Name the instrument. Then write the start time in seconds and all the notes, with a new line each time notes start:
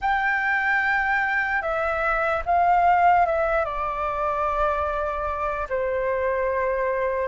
flute
0.01 G5
1.61 E5
2.45 F5
3.26 E5
3.64 D5
5.69 C5